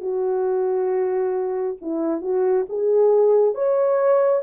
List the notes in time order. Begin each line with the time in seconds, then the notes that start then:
0.00 F#4
1.81 E4
2.21 F#4
2.69 G#4
3.54 C#5